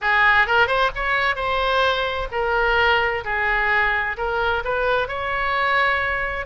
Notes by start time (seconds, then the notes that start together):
0.01 G#4
0.47 A#4
0.67 C5
0.95 C#5
1.35 C5
2.31 A#4
3.24 G#4
4.17 A#4
4.64 B4
5.08 C#5